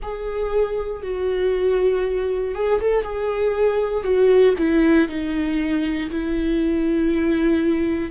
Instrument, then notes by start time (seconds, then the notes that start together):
viola
0.02 G#4
1.02 F#4
2.54 G#4
2.80 A4
3.03 G#4
4.03 F#4
4.58 E4
5.08 D#4
6.10 E4